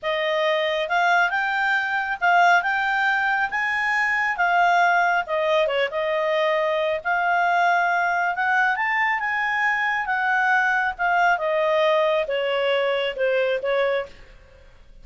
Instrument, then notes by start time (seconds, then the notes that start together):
clarinet
0.02 D#5
0.88 F5
1.30 G5
2.20 F5
2.62 G5
3.50 G#5
4.36 F5
5.26 D#5
5.67 C#5
5.90 D#5
7.04 F5
8.35 F#5
8.76 A5
9.19 G#5
10.06 F#5
10.97 F5
11.38 D#5
12.27 C#5
13.15 C5
13.62 C#5